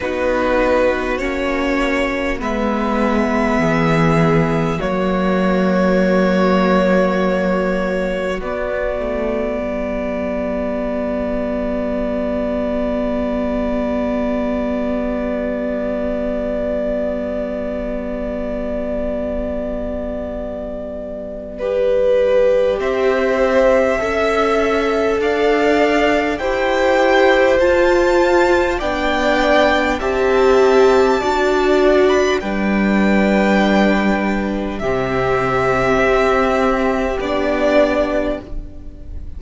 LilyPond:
<<
  \new Staff \with { instrumentName = "violin" } { \time 4/4 \tempo 4 = 50 b'4 cis''4 e''2 | cis''2. d''4~ | d''1~ | d''1~ |
d''2. e''4~ | e''4 f''4 g''4 a''4 | g''4 a''4.~ a''16 b''16 g''4~ | g''4 e''2 d''4 | }
  \new Staff \with { instrumentName = "violin" } { \time 4/4 fis'2 b'4 gis'4 | fis'1 | g'1~ | g'1~ |
g'2 b'4 c''4 | e''4 d''4 c''2 | d''4 e''4 d''4 b'4~ | b'4 g'2. | }
  \new Staff \with { instrumentName = "viola" } { \time 4/4 dis'4 cis'4 b2 | ais2. b4~ | b1~ | b1~ |
b2 g'2 | a'2 g'4 f'4 | d'4 g'4 fis'4 d'4~ | d'4 c'2 d'4 | }
  \new Staff \with { instrumentName = "cello" } { \time 4/4 b4 ais4 gis4 e4 | fis2. b8 a8 | g1~ | g1~ |
g2. c'4 | cis'4 d'4 e'4 f'4 | b4 c'4 d'4 g4~ | g4 c4 c'4 b4 | }
>>